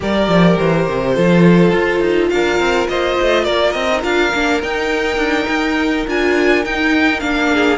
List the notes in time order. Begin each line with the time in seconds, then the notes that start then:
0.00 G3 G4 A#4 D5
0.27 F3
0.58 E3 C5
0.88 C3
1.14 F3 F4 A4
1.71 F4
2.00 D#4
2.29 D4 A#4 F5
2.59 C4
2.88 A#3 C5 D#5
3.21 A3
3.44 A#3 A#4 D5
3.71 C4 D#5
3.91 D#4
4.01 D4 F4 F5
4.34 A#3 D4
4.62 D#4 G5
5.16 D4
5.48 D#4
6.07 D4 F4 G#5
6.64 D#4 G5
7.19 A#3 D4 F5
7.52 G#4